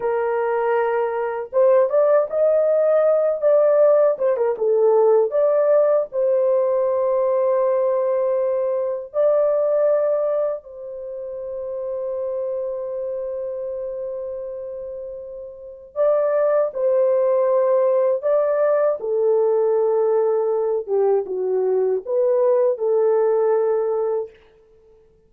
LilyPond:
\new Staff \with { instrumentName = "horn" } { \time 4/4 \tempo 4 = 79 ais'2 c''8 d''8 dis''4~ | dis''8 d''4 c''16 ais'16 a'4 d''4 | c''1 | d''2 c''2~ |
c''1~ | c''4 d''4 c''2 | d''4 a'2~ a'8 g'8 | fis'4 b'4 a'2 | }